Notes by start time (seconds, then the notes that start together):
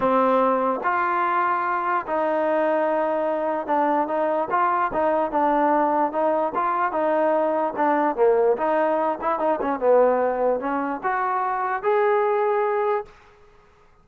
0.00 C4
0.83 F4
2.06 D#4
3.66 D4
4.07 D#4
4.50 F4
4.93 D#4
5.31 D4
6.12 D#4
6.55 F4
6.91 D#4
7.76 D4
8.16 A#3
8.57 D#4
9.21 E4
9.39 D#4
9.61 C#4
9.79 B3
10.60 C#4
11.03 F#4
11.82 G#4